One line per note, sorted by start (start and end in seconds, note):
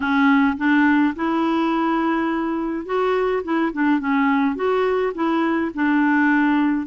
0.00 0.56 C#4
0.57 1.14 D4
1.15 2.85 E4
2.85 3.42 F#4
3.43 3.72 E4
3.72 3.99 D4
3.99 4.55 C#4
4.55 5.12 F#4
5.14 5.71 E4
5.74 6.86 D4